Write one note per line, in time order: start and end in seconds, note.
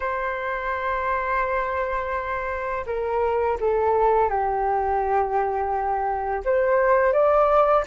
0.00 2.85 C5
2.86 3.57 A#4
3.60 4.29 A4
4.29 6.43 G4
6.44 7.12 C5
7.12 7.84 D5